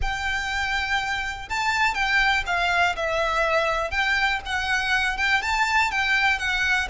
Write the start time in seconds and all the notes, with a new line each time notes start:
0.01 G5
1.49 A5
1.94 G5
2.46 F5
2.96 E5
3.90 G5
4.45 F#5
5.17 G5
5.41 A5
5.91 G5
6.38 F#5